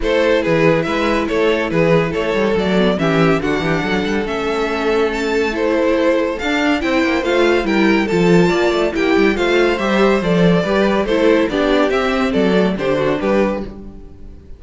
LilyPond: <<
  \new Staff \with { instrumentName = "violin" } { \time 4/4 \tempo 4 = 141 c''4 b'4 e''4 cis''4 | b'4 cis''4 d''4 e''4 | fis''2 e''2 | a''4 c''2 f''4 |
g''4 f''4 g''4 a''4~ | a''4 g''4 f''4 e''4 | d''2 c''4 d''4 | e''4 d''4 c''4 b'4 | }
  \new Staff \with { instrumentName = "violin" } { \time 4/4 a'4 gis'4 b'4 a'4 | gis'4 a'2 g'4 | fis'8 g'8 a'2.~ | a'1 |
c''2 ais'4 a'4 | d''4 g'4 c''2~ | c''4 b'4 a'4 g'4~ | g'4 a'4 g'8 fis'8 g'4 | }
  \new Staff \with { instrumentName = "viola" } { \time 4/4 e'1~ | e'2 a8 b8 cis'4 | d'2 cis'2~ | cis'4 e'2 d'4 |
e'4 f'4 e'4 f'4~ | f'4 e'4 f'4 g'4 | a'4 g'4 e'4 d'4 | c'4. a8 d'2 | }
  \new Staff \with { instrumentName = "cello" } { \time 4/4 a4 e4 gis4 a4 | e4 a8 g8 fis4 e4 | d8 e8 fis8 g8 a2~ | a2. d'4 |
c'8 ais8 a4 g4 f4 | ais8 a8 ais8 g8 a4 g4 | f4 g4 a4 b4 | c'4 fis4 d4 g4 | }
>>